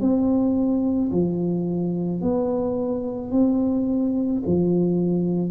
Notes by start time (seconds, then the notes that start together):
0.00 C4
1.11 F3
2.21 B3
3.31 C4
4.45 F3